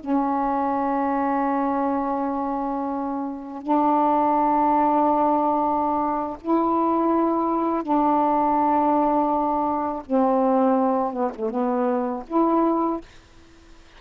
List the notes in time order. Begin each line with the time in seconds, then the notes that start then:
0.00 C#4
3.63 D4
6.41 E4
7.83 D4
10.06 C4
11.13 B3
11.35 A3
11.50 B3
12.27 E4